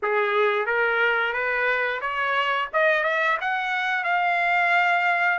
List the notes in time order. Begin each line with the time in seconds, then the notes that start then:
0.02 G#4
0.66 A#4
1.33 B4
2.01 C#5
2.73 D#5
3.03 E5
3.40 F#5
4.04 F5